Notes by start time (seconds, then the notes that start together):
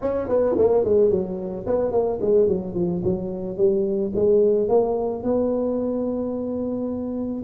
0.01 C#4
0.28 B3
0.58 A#3
0.84 G#3
1.10 F#3
1.66 B3
1.91 A#3
2.21 G#3
2.47 F#3
2.74 F3
3.04 F#3
3.57 G3
4.15 G#3
4.68 A#3
5.23 B3